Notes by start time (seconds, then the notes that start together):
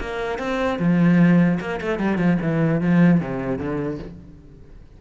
0.00 A#3
0.39 C4
0.79 F3
1.60 A#3
1.81 A3
1.99 G3
2.18 F3
2.42 E3
2.81 F3
3.20 C3
3.59 D3